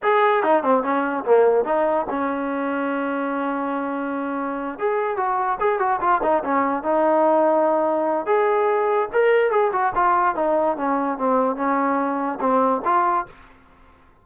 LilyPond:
\new Staff \with { instrumentName = "trombone" } { \time 4/4 \tempo 4 = 145 gis'4 dis'8 c'8 cis'4 ais4 | dis'4 cis'2.~ | cis'2.~ cis'8 gis'8~ | gis'8 fis'4 gis'8 fis'8 f'8 dis'8 cis'8~ |
cis'8 dis'2.~ dis'8 | gis'2 ais'4 gis'8 fis'8 | f'4 dis'4 cis'4 c'4 | cis'2 c'4 f'4 | }